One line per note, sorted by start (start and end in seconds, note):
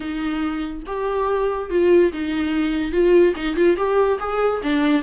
0.00 0.83 D#4
0.86 1.70 G4
1.70 2.12 F4
2.13 2.92 D#4
2.92 3.34 F4
3.36 3.55 D#4
3.55 3.76 F4
3.76 4.18 G4
4.19 4.61 G#4
4.62 5.02 D4